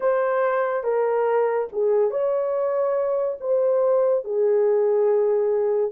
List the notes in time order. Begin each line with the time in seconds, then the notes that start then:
0.00 C5
0.83 A#4
1.72 G#4
2.10 C#5
3.40 C5
4.24 G#4